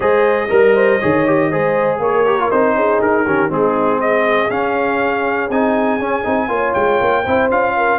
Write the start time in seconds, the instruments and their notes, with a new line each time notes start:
0.00 tuba G#3, trombone G#4, horn C5, trumpet D#5
0.49 tuba G3, trombone A#4, horn A#4
0.75 horn C5
0.99 tuba D#3, trombone G#4, horn C#5
1.26 trombone G4
1.50 tuba G#3, trombone G#4, horn C5
1.98 tuba A#3, horn A#4, trumpet C#5
2.26 trombone G4
2.39 trombone F4
2.50 tuba C4, trombone D#4, trumpet C5
2.75 tuba C#4, horn G#4
3.01 tuba D#4, trumpet A#4
3.25 tuba D#3, trombone C#4, horn G4
3.49 tuba G#3, trombone C4, horn D#4, trumpet G#4
3.98 horn G#4, trumpet D#5
4.50 tuba C#4, trombone C#4, trumpet F5
5.49 tuba C4, trombone D#4, trumpet G#5
5.99 tuba C#4, trombone C#4
6.23 tuba C4, trombone D#4
6.48 tuba A#3, trombone F4, horn C#5
6.73 tuba G#3, trumpet G5
7.01 tuba A#3
7.22 tuba C4, trombone E4, horn C5
7.50 tuba C#4, trombone F4, trumpet F5
7.76 horn A#4